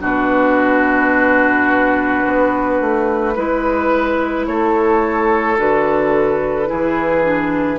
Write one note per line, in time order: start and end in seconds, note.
0.00 2.24 B2
0.00 3.33 D4
0.00 3.35 F#4
0.06 4.47 B4
2.26 2.81 B3
2.81 3.37 A3
3.35 4.47 G#3
3.35 5.58 E4
3.35 4.46 B4
4.47 5.58 A3
4.47 6.69 A4
4.47 5.58 C#5
5.58 6.69 D3
5.58 6.66 F#4
5.58 7.79 B4
6.66 7.79 E3
6.66 7.22 E4
6.66 7.79 G#4
7.24 7.79 D4